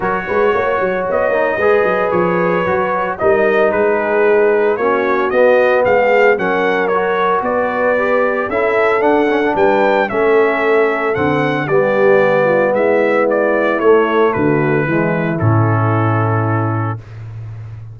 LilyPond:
<<
  \new Staff \with { instrumentName = "trumpet" } { \time 4/4 \tempo 4 = 113 cis''2 dis''2 | cis''2 dis''4 b'4~ | b'4 cis''4 dis''4 f''4 | fis''4 cis''4 d''2 |
e''4 fis''4 g''4 e''4~ | e''4 fis''4 d''2 | e''4 d''4 cis''4 b'4~ | b'4 a'2. | }
  \new Staff \with { instrumentName = "horn" } { \time 4/4 ais'8 b'8 cis''2 b'4~ | b'2 ais'4 gis'4~ | gis'4 fis'2 gis'4 | ais'2 b'2 |
a'2 b'4 a'4~ | a'2 g'4. f'8 | e'2. fis'4 | e'1 | }
  \new Staff \with { instrumentName = "trombone" } { \time 4/4 fis'2~ fis'8 dis'8 gis'4~ | gis'4 fis'4 dis'2~ | dis'4 cis'4 b2 | cis'4 fis'2 g'4 |
e'4 d'8 cis'16 d'4~ d'16 cis'4~ | cis'4 c'4 b2~ | b2 a2 | gis4 cis'2. | }
  \new Staff \with { instrumentName = "tuba" } { \time 4/4 fis8 gis8 ais8 fis8 b8 ais8 gis8 fis8 | f4 fis4 g4 gis4~ | gis4 ais4 b4 gis4 | fis2 b2 |
cis'4 d'4 g4 a4~ | a4 d4 g2 | gis2 a4 d4 | e4 a,2. | }
>>